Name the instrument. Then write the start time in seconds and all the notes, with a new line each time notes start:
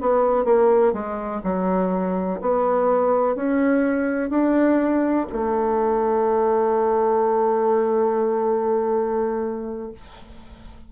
bassoon
0.00 B3
0.44 A#3
0.92 G#3
1.43 F#3
2.41 B3
3.35 C#4
4.29 D4
5.32 A3